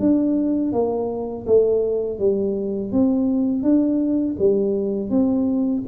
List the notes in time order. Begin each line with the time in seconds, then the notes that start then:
0.00 D4
0.73 A#3
1.47 A3
2.19 G3
2.92 C4
3.63 D4
4.39 G3
5.11 C4